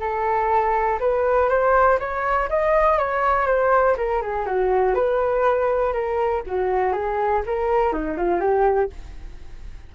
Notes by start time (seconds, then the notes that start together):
0.00 A4
1.00 B4
1.49 C5
2.00 C#5
2.50 D#5
2.98 C#5
3.47 C5
3.97 A#4
4.22 G#4
4.46 F#4
4.95 B4
5.93 A#4
6.47 F#4
6.93 G#4
7.47 A#4
7.93 D#4
8.18 F4
8.40 G4